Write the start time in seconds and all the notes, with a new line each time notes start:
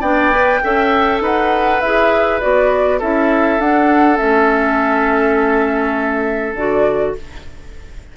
0.00 B3 D4 D5 G5
0.32 B4
0.63 C#4 A4 E5
1.21 D#4 B4 F#5
1.80 E4 G#4 E5
2.40 B3 F#4 D5
2.99 C#4 E4 A4 E5
3.59 D4 F#5
4.16 A3 C#4 E5
6.55 D3 F#4 D5